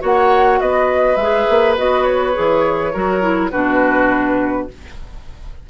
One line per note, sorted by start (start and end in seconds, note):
0.00 0.61 A#3
0.00 1.17 F#4
0.00 0.59 C#5
0.00 0.61 F#5
0.61 1.17 B3
0.61 2.93 B4
0.61 1.17 D#5
1.17 1.46 G#3
1.17 1.78 G#4
1.17 1.75 E5
1.50 1.78 A#3
1.78 2.37 B3
1.78 2.34 F#4
1.78 2.04 D#5
2.04 3.50 C#5
2.34 2.95 E3
2.34 2.92 G#4
2.93 3.53 F#3
2.93 3.22 F#4
2.93 3.52 A#4
3.22 3.51 E4
3.51 4.70 B2
3.51 4.69 D4
3.51 4.68 F#4
3.51 4.68 B4